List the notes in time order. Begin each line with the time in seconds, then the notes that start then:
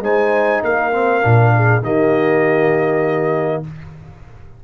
0.00 G#3 D#4 C5 G#5
0.63 A#3 A#4 F5
0.92 C4
1.22 A#2 D4
1.55 G#4
1.82 D#3 A#3 G4 D#5